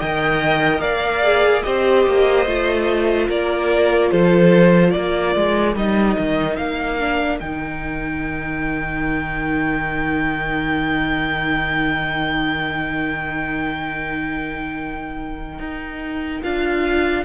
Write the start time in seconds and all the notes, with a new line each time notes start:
0.00 D#3 A#4 D#5 G5
0.80 A#3 D5 F5
1.23 G#4
1.62 C4 G4 C5 D#5
2.06 A#3
2.46 A3 F4
3.28 A#3 A#4 D5
4.11 F3 A4 C5
4.91 A#3 A#4 D5
5.36 G#3
5.75 G3 D#4 D#5
6.19 D#3
6.56 A#3 F5
7.00 D4
7.40 D#3 D#4 G5
15.59 D#4
16.43 D4 F4 F5